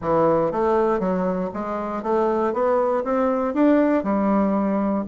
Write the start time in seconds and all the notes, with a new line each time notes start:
0.01 E3
0.51 A3
0.99 F#3
1.53 G#3
2.02 A3
2.53 B3
3.04 C4
3.54 D4
4.03 G3